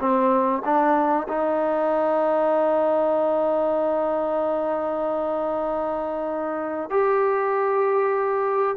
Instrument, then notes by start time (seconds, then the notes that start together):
trombone
0.00 C4
0.65 D4
1.29 D#4
6.90 G4